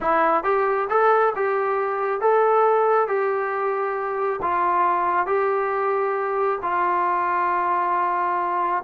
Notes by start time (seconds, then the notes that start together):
0.01 E4
0.43 G4
0.89 A4
1.35 G4
2.20 A4
3.07 G4
4.41 F4
5.26 G4
6.62 F4